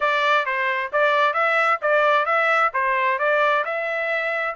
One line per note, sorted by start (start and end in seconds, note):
0.00 0.45 D5
0.45 0.90 C5
0.92 1.33 D5
1.33 1.79 E5
1.81 2.25 D5
2.25 2.71 E5
2.73 3.18 C5
3.18 3.64 D5
3.64 4.55 E5